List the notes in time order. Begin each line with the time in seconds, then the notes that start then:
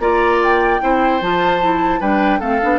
0.00 A#3 F4 D5 A#5
0.44 G5
0.81 C4 E4 C5
1.22 F3 F4 A5
1.61 E4
2.00 G3 D4 B4 G5
2.40 A3 C4 A4 F5
2.62 B3 D4